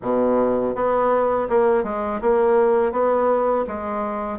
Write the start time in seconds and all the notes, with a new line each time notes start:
0.02 B2
0.75 B3
1.49 A#3
1.83 G#3
2.21 A#3
2.92 B3
3.67 G#3